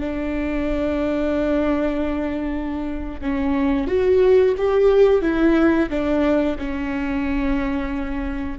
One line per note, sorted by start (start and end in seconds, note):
0.00 3.20 D4
3.21 3.87 C#4
3.87 4.54 F#4
4.57 5.22 G4
5.22 5.89 E4
5.90 6.57 D4
6.58 8.58 C#4